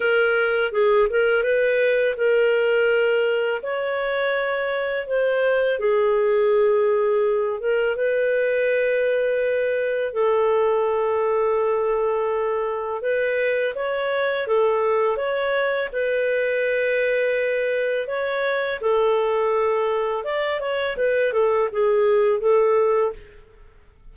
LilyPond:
\new Staff \with { instrumentName = "clarinet" } { \time 4/4 \tempo 4 = 83 ais'4 gis'8 ais'8 b'4 ais'4~ | ais'4 cis''2 c''4 | gis'2~ gis'8 ais'8 b'4~ | b'2 a'2~ |
a'2 b'4 cis''4 | a'4 cis''4 b'2~ | b'4 cis''4 a'2 | d''8 cis''8 b'8 a'8 gis'4 a'4 | }